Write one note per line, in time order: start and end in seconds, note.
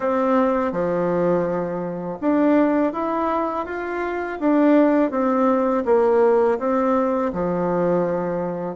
0.00 0.72 C4
0.72 2.18 F3
2.21 2.92 D4
2.92 3.66 E4
3.66 4.39 F4
4.39 5.11 D4
5.11 5.84 C4
5.85 6.58 A#3
6.59 7.32 C4
7.32 8.75 F3